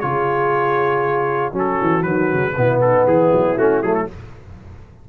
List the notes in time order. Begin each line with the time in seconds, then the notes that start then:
0.00 C#3 F4 G#4 C#5
1.52 F#3 C#4 F#4 A4
1.81 E3
2.02 D#3 F#3 B4
2.32 C#3
2.56 B2 B3 E4
2.81 D#4 A4
3.05 E3 E4 G#4
3.31 F#3
3.57 A3 C#4 F#4
3.82 F#3 A3 G#4
3.94 A4